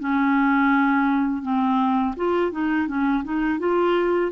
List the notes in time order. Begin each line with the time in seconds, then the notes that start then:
0.00 C#4
1.43 C4
2.17 F4
2.52 D#4
2.88 C#4
3.24 D#4
3.59 F4